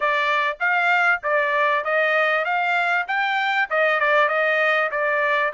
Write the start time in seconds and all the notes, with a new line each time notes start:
0.00 D5
0.60 F5
1.23 D5
1.84 D#5
2.44 F5
3.07 G5
3.70 D#5
4.00 D5
4.28 D#5
4.91 D5